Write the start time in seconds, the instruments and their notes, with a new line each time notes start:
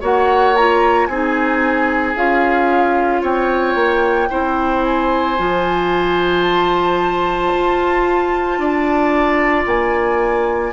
0.00 bassoon A#3, clarinet F#4, oboe C#5, flute F#5
0.56 clarinet F4, flute A#5
1.06 bassoon C4, clarinet D#4, oboe G#4, flute G#5
2.15 bassoon C#4, clarinet F4, flute F5
3.21 bassoon C4, oboe C#5, flute G5
3.75 bassoon A#3
4.29 bassoon C4, clarinet E4, oboe C5
4.85 flute G#5
5.37 bassoon F3, clarinet F4
6.42 flute A5
7.54 bassoon F4
8.58 bassoon D4, oboe D5
9.66 bassoon A#3, flute G#5